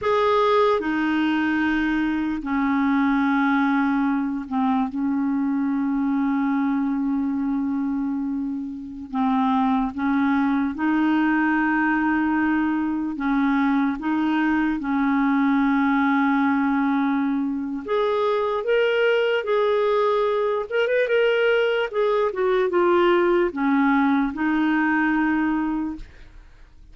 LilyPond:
\new Staff \with { instrumentName = "clarinet" } { \time 4/4 \tempo 4 = 74 gis'4 dis'2 cis'4~ | cis'4. c'8 cis'2~ | cis'2.~ cis'16 c'8.~ | c'16 cis'4 dis'2~ dis'8.~ |
dis'16 cis'4 dis'4 cis'4.~ cis'16~ | cis'2 gis'4 ais'4 | gis'4. ais'16 b'16 ais'4 gis'8 fis'8 | f'4 cis'4 dis'2 | }